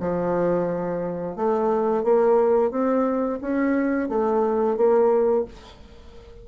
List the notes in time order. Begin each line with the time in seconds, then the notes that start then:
0.00 F3
1.36 A3
2.03 A#3
2.71 C4
3.41 C#4
4.09 A3
4.76 A#3